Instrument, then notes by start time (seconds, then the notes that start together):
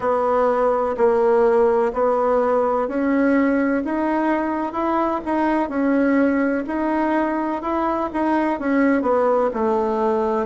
bassoon
0.00 B3
0.97 A#3
1.93 B3
2.88 C#4
3.84 D#4
4.72 E4
5.25 D#4
5.69 C#4
6.67 D#4
7.61 E4
8.13 D#4
8.59 C#4
9.02 B3
9.53 A3